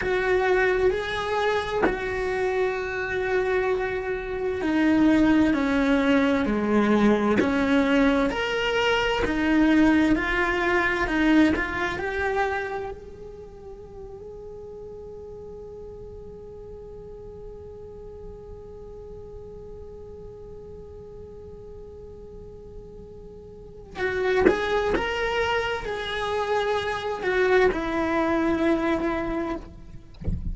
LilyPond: \new Staff \with { instrumentName = "cello" } { \time 4/4 \tempo 4 = 65 fis'4 gis'4 fis'2~ | fis'4 dis'4 cis'4 gis4 | cis'4 ais'4 dis'4 f'4 | dis'8 f'8 g'4 gis'2~ |
gis'1~ | gis'1~ | gis'2 fis'8 gis'8 ais'4 | gis'4. fis'8 e'2 | }